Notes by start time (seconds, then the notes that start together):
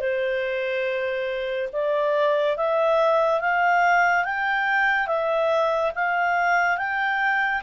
0.00 C5
1.72 D5
2.57 E5
3.40 F5
4.24 G5
5.07 E5
5.95 F5
6.77 G5